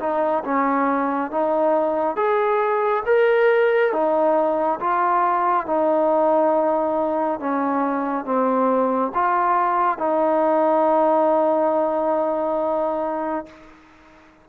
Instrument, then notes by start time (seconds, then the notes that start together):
trombone
0.00 D#4
0.44 C#4
1.31 D#4
2.16 G#4
3.06 A#4
3.92 D#4
4.80 F4
5.66 D#4
7.40 C#4
8.25 C4
9.14 F4
9.98 D#4